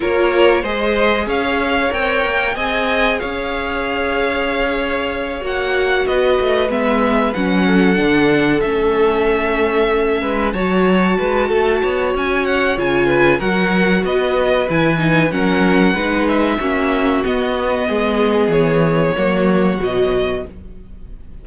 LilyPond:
<<
  \new Staff \with { instrumentName = "violin" } { \time 4/4 \tempo 4 = 94 cis''4 dis''4 f''4 g''4 | gis''4 f''2.~ | f''8 fis''4 dis''4 e''4 fis''8~ | fis''4. e''2~ e''8~ |
e''8 a''2~ a''8 gis''8 fis''8 | gis''4 fis''4 dis''4 gis''4 | fis''4. e''4. dis''4~ | dis''4 cis''2 dis''4 | }
  \new Staff \with { instrumentName = "violin" } { \time 4/4 ais'4 c''4 cis''2 | dis''4 cis''2.~ | cis''4. b'2~ b'8 | a'1 |
b'8 cis''4 b'8 a'8 cis''4.~ | cis''8 b'8 ais'4 b'2 | ais'4 b'4 fis'2 | gis'2 fis'2 | }
  \new Staff \with { instrumentName = "viola" } { \time 4/4 f'4 gis'2 ais'4 | gis'1~ | gis'8 fis'2 b4 cis'8~ | cis'8 d'4 cis'2~ cis'8~ |
cis'8 fis'2.~ fis'8 | f'4 fis'2 e'8 dis'8 | cis'4 dis'4 cis'4 b4~ | b2 ais4 fis4 | }
  \new Staff \with { instrumentName = "cello" } { \time 4/4 ais4 gis4 cis'4 c'8 ais8 | c'4 cis'2.~ | cis'8 ais4 b8 a8 gis4 fis8~ | fis8 d4 a2~ a8 |
gis8 fis4 gis8 a8 b8 cis'4 | cis4 fis4 b4 e4 | fis4 gis4 ais4 b4 | gis4 e4 fis4 b,4 | }
>>